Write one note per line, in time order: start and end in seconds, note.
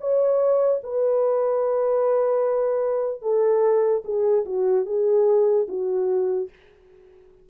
0.00 0.81 C#5
0.83 3.22 B4
3.22 4.03 A4
4.05 4.45 G#4
4.45 4.86 F#4
4.86 5.67 G#4
5.68 6.49 F#4